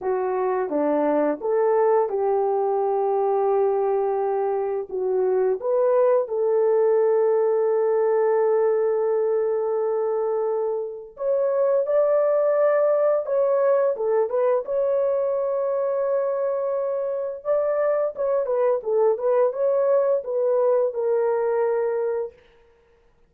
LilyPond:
\new Staff \with { instrumentName = "horn" } { \time 4/4 \tempo 4 = 86 fis'4 d'4 a'4 g'4~ | g'2. fis'4 | b'4 a'2.~ | a'1 |
cis''4 d''2 cis''4 | a'8 b'8 cis''2.~ | cis''4 d''4 cis''8 b'8 a'8 b'8 | cis''4 b'4 ais'2 | }